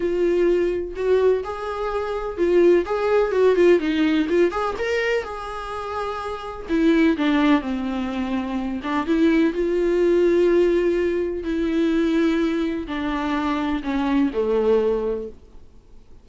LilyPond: \new Staff \with { instrumentName = "viola" } { \time 4/4 \tempo 4 = 126 f'2 fis'4 gis'4~ | gis'4 f'4 gis'4 fis'8 f'8 | dis'4 f'8 gis'8 ais'4 gis'4~ | gis'2 e'4 d'4 |
c'2~ c'8 d'8 e'4 | f'1 | e'2. d'4~ | d'4 cis'4 a2 | }